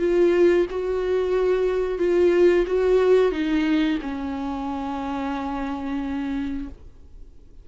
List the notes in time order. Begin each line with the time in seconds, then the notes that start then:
0.00 F4
0.71 F#4
1.99 F4
2.67 F#4
3.32 D#4
4.02 C#4